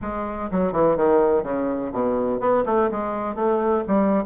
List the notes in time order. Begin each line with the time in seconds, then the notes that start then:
0.01 G#3
0.51 F#3
0.72 E3
0.96 D#3
1.43 C#3
1.92 B2
2.40 B3
2.65 A3
2.91 G#3
3.35 A3
3.87 G3